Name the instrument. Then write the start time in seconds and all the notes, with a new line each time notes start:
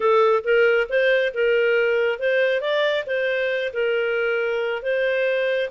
clarinet
0.00 A4
0.43 A#4
0.89 C5
1.34 A#4
2.19 C5
2.60 D5
3.06 C5
3.73 A#4
4.82 C5